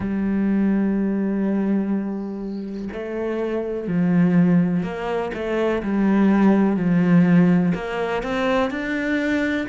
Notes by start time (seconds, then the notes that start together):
0.00 G3
2.93 A3
3.87 F3
4.83 A#3
5.34 A3
5.82 G3
6.76 F3
7.74 A#3
8.23 C4
8.70 D4